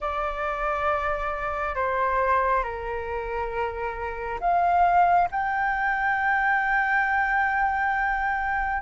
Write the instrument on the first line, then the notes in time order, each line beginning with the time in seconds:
flute
0.00 D5
1.75 C5
2.63 A#4
4.40 F5
5.31 G5